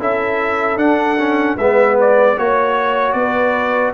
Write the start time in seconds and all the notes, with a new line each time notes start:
0.00 C#4 E4 A4 E5
0.77 D4 F#5
1.19 C#4
1.57 G#3 B3 B4 E5
2.01 D5
2.38 A#3 F#4 C#5
3.13 B3 B4 D5